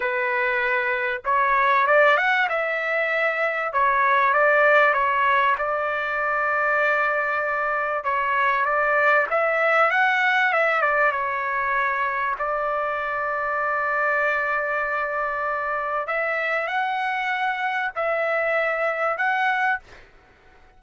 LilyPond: \new Staff \with { instrumentName = "trumpet" } { \time 4/4 \tempo 4 = 97 b'2 cis''4 d''8 fis''8 | e''2 cis''4 d''4 | cis''4 d''2.~ | d''4 cis''4 d''4 e''4 |
fis''4 e''8 d''8 cis''2 | d''1~ | d''2 e''4 fis''4~ | fis''4 e''2 fis''4 | }